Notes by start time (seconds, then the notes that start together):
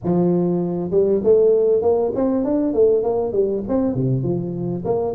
0.04 F3
0.91 G3
1.23 A3
1.82 A#3
2.15 C4
2.44 D4
2.73 A3
3.03 A#3
3.32 G3
3.68 C4
3.94 C3
4.23 F3
4.84 A#3